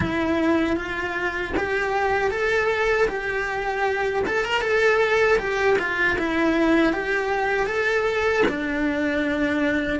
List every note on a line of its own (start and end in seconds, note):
0.00 0.76 E4
0.76 1.53 F4
1.56 2.30 G4
2.30 3.07 A4
3.08 4.23 G4
4.26 4.44 A4
4.44 4.61 A#4
4.61 5.38 A4
5.38 5.77 G4
5.78 6.17 F4
6.18 6.92 E4
6.92 7.66 G4
7.66 8.43 A4
8.48 9.99 D4